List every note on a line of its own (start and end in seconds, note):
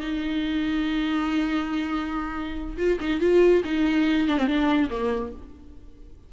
0.00 2.77 D#4
2.77 2.98 F4
3.00 3.20 D#4
3.20 3.62 F4
3.64 4.27 D#4
4.27 4.37 D4
4.37 4.47 C4
4.47 4.89 D4
4.90 5.32 A#3